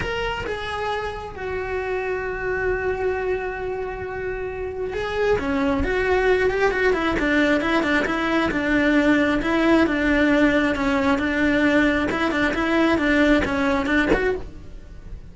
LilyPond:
\new Staff \with { instrumentName = "cello" } { \time 4/4 \tempo 4 = 134 ais'4 gis'2 fis'4~ | fis'1~ | fis'2. gis'4 | cis'4 fis'4. g'8 fis'8 e'8 |
d'4 e'8 d'8 e'4 d'4~ | d'4 e'4 d'2 | cis'4 d'2 e'8 d'8 | e'4 d'4 cis'4 d'8 fis'8 | }